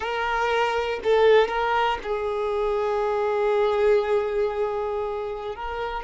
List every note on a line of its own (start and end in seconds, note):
0.00 0.99 A#4
1.03 1.48 A4
1.48 1.98 A#4
2.03 5.55 G#4
5.55 6.03 A#4